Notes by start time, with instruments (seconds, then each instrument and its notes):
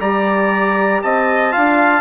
0.00 bassoon G3, trombone G4, trumpet D5 A#5
1.02 bassoon C4, trumpet D#5 A5
1.51 bassoon D4, trombone F4, trumpet F5